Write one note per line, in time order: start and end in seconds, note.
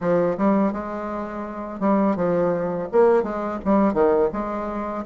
0.00 0.36 F3
0.37 0.72 G3
0.72 1.79 G#3
1.79 2.16 G3
2.16 2.88 F3
2.92 3.23 A#3
3.23 3.59 G#3
3.64 3.93 G3
3.93 4.29 D#3
4.32 5.04 G#3